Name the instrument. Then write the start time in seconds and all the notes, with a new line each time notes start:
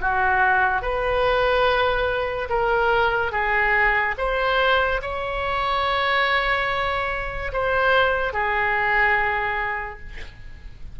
oboe
0.00 F#4
0.81 B4
2.49 A#4
3.31 G#4
4.17 C5
5.01 C#5
7.52 C5
8.33 G#4